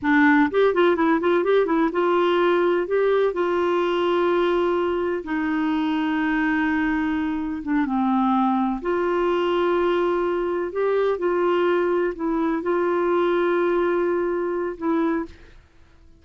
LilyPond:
\new Staff \with { instrumentName = "clarinet" } { \time 4/4 \tempo 4 = 126 d'4 g'8 f'8 e'8 f'8 g'8 e'8 | f'2 g'4 f'4~ | f'2. dis'4~ | dis'1 |
d'8 c'2 f'4.~ | f'2~ f'8 g'4 f'8~ | f'4. e'4 f'4.~ | f'2. e'4 | }